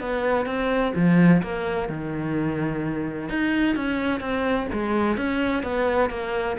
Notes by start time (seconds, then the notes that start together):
0.00 B3
0.45 C4
0.95 F3
1.43 A#3
1.89 D#3
3.29 D#4
3.76 C#4
4.20 C4
4.72 G#3
5.17 C#4
5.63 B3
6.10 A#3